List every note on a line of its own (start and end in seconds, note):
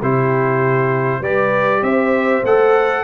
0.00 1.21 C3
0.00 1.24 E4
0.00 1.20 G4
0.00 1.24 C5
1.20 1.82 G3
1.20 2.45 G4
1.20 1.81 B4
1.20 1.84 D5
1.83 2.43 C4
1.83 3.04 C5
1.83 2.44 E5
2.44 3.04 A3
2.44 3.04 A4
2.44 3.04 F#5